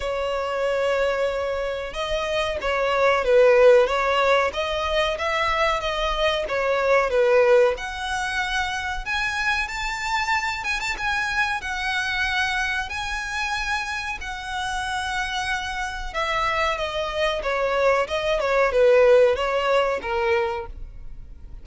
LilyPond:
\new Staff \with { instrumentName = "violin" } { \time 4/4 \tempo 4 = 93 cis''2. dis''4 | cis''4 b'4 cis''4 dis''4 | e''4 dis''4 cis''4 b'4 | fis''2 gis''4 a''4~ |
a''8 gis''16 a''16 gis''4 fis''2 | gis''2 fis''2~ | fis''4 e''4 dis''4 cis''4 | dis''8 cis''8 b'4 cis''4 ais'4 | }